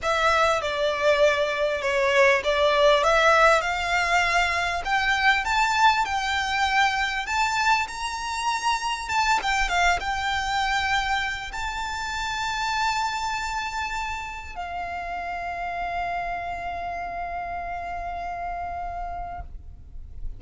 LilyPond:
\new Staff \with { instrumentName = "violin" } { \time 4/4 \tempo 4 = 99 e''4 d''2 cis''4 | d''4 e''4 f''2 | g''4 a''4 g''2 | a''4 ais''2 a''8 g''8 |
f''8 g''2~ g''8 a''4~ | a''1 | f''1~ | f''1 | }